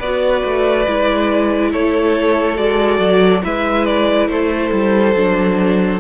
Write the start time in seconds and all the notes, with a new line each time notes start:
0.00 B3 F#4 B4 D5
0.44 A3
0.88 G#3 E4
1.72 A3 A4 C#5
2.57 G#3 F#4 D5
2.99 F#3
3.44 G#3 E4 B4 E5
3.86 D5
4.29 A3 A4 C5
4.72 G3
5.15 F#3 D4